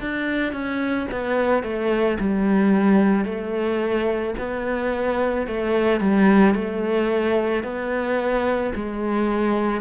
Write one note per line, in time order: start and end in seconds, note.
0.00 0.53 D4
0.53 1.07 C#4
1.12 1.63 B3
1.63 2.18 A3
2.19 3.25 G3
3.25 4.34 A3
4.38 5.47 B3
5.47 6.00 A3
6.00 6.55 G3
6.55 7.64 A3
7.64 8.73 B3
8.75 9.81 G#3